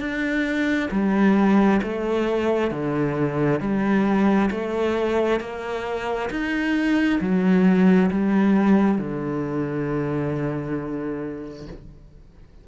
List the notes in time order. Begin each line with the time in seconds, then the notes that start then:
0.00 D4
0.91 G3
1.83 A3
2.71 D3
3.60 G3
4.51 A3
5.40 A#3
6.30 D#4
7.20 F#3
8.11 G3
8.98 D3